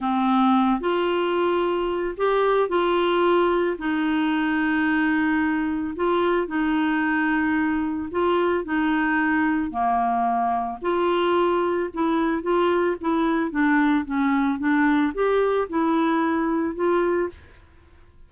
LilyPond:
\new Staff \with { instrumentName = "clarinet" } { \time 4/4 \tempo 4 = 111 c'4. f'2~ f'8 | g'4 f'2 dis'4~ | dis'2. f'4 | dis'2. f'4 |
dis'2 ais2 | f'2 e'4 f'4 | e'4 d'4 cis'4 d'4 | g'4 e'2 f'4 | }